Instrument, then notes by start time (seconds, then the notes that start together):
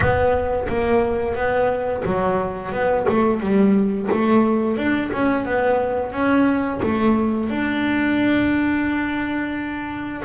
double bass
0.00 B3
0.68 A#3
1.35 B3
2.05 F#3
2.72 B3
3.08 A3
3.40 G3
4.11 A3
4.77 D4
5.12 C#4
5.45 B3
6.12 C#4
6.82 A3
7.49 D4